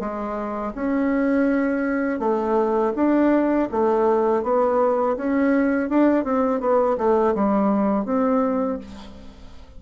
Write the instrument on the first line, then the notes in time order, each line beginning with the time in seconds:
bassoon
0.00 G#3
0.75 C#4
2.20 A3
2.96 D4
3.72 A3
4.43 B3
5.17 C#4
5.90 D4
6.25 C4
6.61 B3
6.98 A3
7.35 G3
8.06 C4